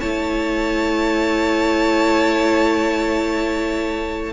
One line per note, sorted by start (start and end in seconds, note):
0.00 4.33 A3
0.00 4.33 E4
0.00 4.33 C#5
0.00 4.33 A5